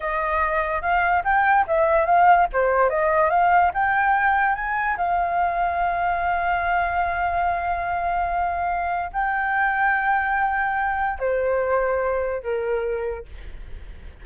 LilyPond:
\new Staff \with { instrumentName = "flute" } { \time 4/4 \tempo 4 = 145 dis''2 f''4 g''4 | e''4 f''4 c''4 dis''4 | f''4 g''2 gis''4 | f''1~ |
f''1~ | f''2 g''2~ | g''2. c''4~ | c''2 ais'2 | }